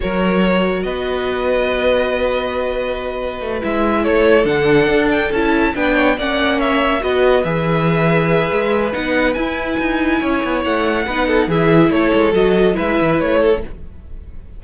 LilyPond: <<
  \new Staff \with { instrumentName = "violin" } { \time 4/4 \tempo 4 = 141 cis''2 dis''2~ | dis''1~ | dis''8 e''4 cis''4 fis''4. | g''8 a''4 g''4 fis''4 e''8~ |
e''8 dis''4 e''2~ e''8~ | e''4 fis''4 gis''2~ | gis''4 fis''2 e''4 | cis''4 dis''4 e''4 cis''4 | }
  \new Staff \with { instrumentName = "violin" } { \time 4/4 ais'2 b'2~ | b'1~ | b'4. a'2~ a'8~ | a'4. b'8 cis''8 d''4 cis''8~ |
cis''8 b'2.~ b'8~ | b'1 | cis''2 b'8 a'8 gis'4 | a'2 b'4. a'8 | }
  \new Staff \with { instrumentName = "viola" } { \time 4/4 fis'1~ | fis'1~ | fis'8 e'2 d'4.~ | d'8 e'4 d'4 cis'4.~ |
cis'8 fis'4 gis'2~ gis'8~ | gis'4 dis'4 e'2~ | e'2 dis'4 e'4~ | e'4 fis'4 e'2 | }
  \new Staff \with { instrumentName = "cello" } { \time 4/4 fis2 b2~ | b1 | a8 gis4 a4 d4 d'8~ | d'8 cis'4 b4 ais4.~ |
ais8 b4 e2~ e8 | gis4 b4 e'4 dis'4 | cis'8 b8 a4 b4 e4 | a8 gis8 fis4 gis8 e8 a4 | }
>>